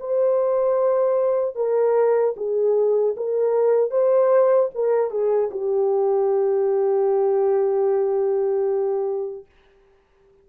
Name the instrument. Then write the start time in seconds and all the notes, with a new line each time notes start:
horn
0.00 C5
1.56 A#4
2.37 G#4
3.17 A#4
3.91 C5
4.75 A#4
5.11 G#4
5.51 G4